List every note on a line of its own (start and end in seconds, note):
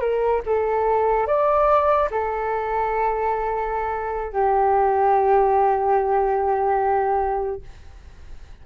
0.00 0.41 A#4
0.46 1.27 A4
1.27 2.09 D5
2.10 4.33 A4
4.33 7.61 G4